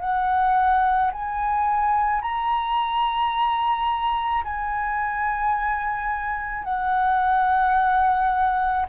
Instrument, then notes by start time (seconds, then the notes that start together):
flute
0.00 F#5
1.12 G#5
2.21 A#5
4.43 G#5
6.64 F#5